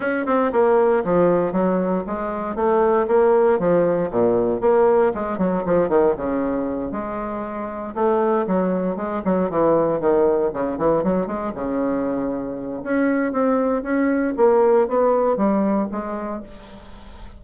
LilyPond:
\new Staff \with { instrumentName = "bassoon" } { \time 4/4 \tempo 4 = 117 cis'8 c'8 ais4 f4 fis4 | gis4 a4 ais4 f4 | ais,4 ais4 gis8 fis8 f8 dis8 | cis4. gis2 a8~ |
a8 fis4 gis8 fis8 e4 dis8~ | dis8 cis8 e8 fis8 gis8 cis4.~ | cis4 cis'4 c'4 cis'4 | ais4 b4 g4 gis4 | }